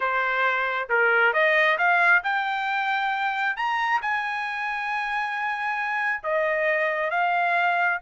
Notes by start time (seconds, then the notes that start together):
0.00 C5
0.89 A#4
1.33 D#5
1.77 F5
2.23 G5
3.56 A#5
4.01 G#5
6.23 D#5
7.10 F5